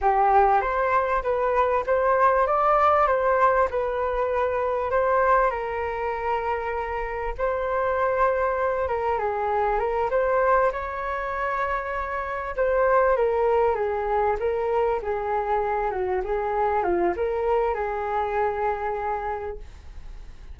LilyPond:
\new Staff \with { instrumentName = "flute" } { \time 4/4 \tempo 4 = 98 g'4 c''4 b'4 c''4 | d''4 c''4 b'2 | c''4 ais'2. | c''2~ c''8 ais'8 gis'4 |
ais'8 c''4 cis''2~ cis''8~ | cis''8 c''4 ais'4 gis'4 ais'8~ | ais'8 gis'4. fis'8 gis'4 f'8 | ais'4 gis'2. | }